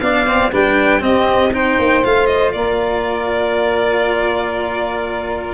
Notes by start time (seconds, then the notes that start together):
0.00 B3 D4 D5 F5
0.26 C4
0.51 G3 D4 B4 G5
1.00 C4 G4 D#5
1.52 D#4 C5 G5
1.78 A#3
2.04 A3 F4 F5
2.26 D#5
2.52 A#3 A#4 D5